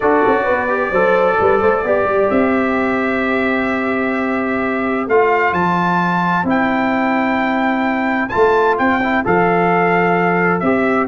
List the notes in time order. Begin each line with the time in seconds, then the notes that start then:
0.00 D4 F#4 A4 D5
0.26 C#4
0.43 B4
0.49 B3
0.68 G4
0.90 F#3 A4 C5
1.40 G3 B4
1.60 A3 C5
1.84 B3 G4 D5
2.04 G3
2.30 C4 E5
2.54 C5
5.07 A3 F4 F5
5.52 F3 A5
6.44 C4 E4 G5
8.29 F4 A5
8.35 A3
8.78 C4 G5
9.02 E4
9.25 F3 A4 F5
10.59 C4 G4 E5